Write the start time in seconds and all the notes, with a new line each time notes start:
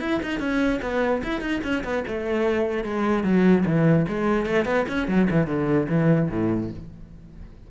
0.00 E4
0.23 D#4
0.40 C#4
0.82 B3
1.24 E4
1.41 D#4
1.64 C#4
1.84 B3
2.08 A3
2.84 G#3
3.24 F#3
3.66 E3
4.08 G#3
4.46 A3
4.65 B3
4.89 C#4
5.08 F#3
5.30 E3
5.47 D3
5.89 E3
6.30 A2